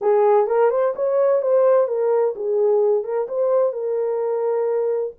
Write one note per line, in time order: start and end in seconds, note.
0.01 0.46 G#4
0.46 0.70 A#4
0.70 0.94 C5
0.95 1.41 C#5
1.41 1.87 C5
1.87 2.34 A#4
2.35 3.03 G#4
3.03 3.27 A#4
3.28 3.73 C5
3.73 5.13 A#4